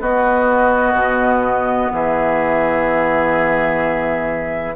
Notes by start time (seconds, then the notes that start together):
0.00 B3 F#4 D#5
0.93 B2
1.91 E3 G#4 E5